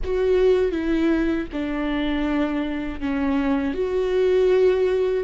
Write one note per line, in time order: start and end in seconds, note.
0.03 0.71 F#4
0.71 1.46 E4
1.52 3.00 D4
3.00 3.73 C#4
3.73 5.23 F#4